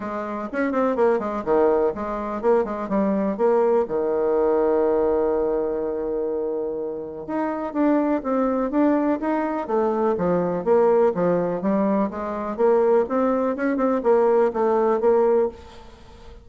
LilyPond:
\new Staff \with { instrumentName = "bassoon" } { \time 4/4 \tempo 4 = 124 gis4 cis'8 c'8 ais8 gis8 dis4 | gis4 ais8 gis8 g4 ais4 | dis1~ | dis2. dis'4 |
d'4 c'4 d'4 dis'4 | a4 f4 ais4 f4 | g4 gis4 ais4 c'4 | cis'8 c'8 ais4 a4 ais4 | }